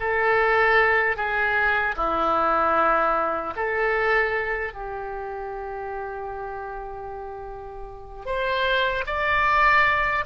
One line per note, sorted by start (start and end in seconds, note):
0.00 1.16 A4
1.16 1.95 G#4
1.96 3.53 E4
3.56 4.73 A4
4.73 8.25 G4
8.25 9.04 C5
9.06 10.25 D5